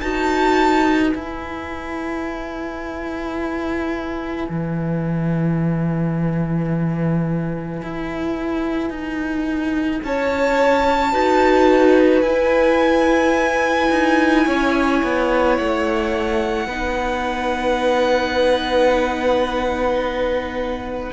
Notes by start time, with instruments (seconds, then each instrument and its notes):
0.00 cello D#4, viola F#4, violin B4 A5
1.09 viola E4, cello E4, violin G#5
4.49 cello E3
7.82 cello E4
8.90 cello D#4
10.04 cello C#4, violin C#5 A5
11.12 cello D#4, viola F#4, violin B4
12.21 cello E4, viola E4, violin G#5
13.90 cello D#4
14.45 cello C#4, violin C#5
15.03 cello B3
15.58 cello A3, violin F#5
16.66 cello B3, viola D#4, violin B4